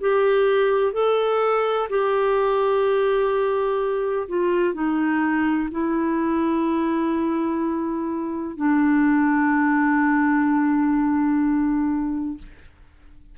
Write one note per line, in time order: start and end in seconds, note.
0.00 0.93 G4
0.93 1.88 A4
1.89 4.27 G4
4.28 4.74 F4
4.74 5.69 D#4
5.71 8.56 E4
8.56 12.37 D4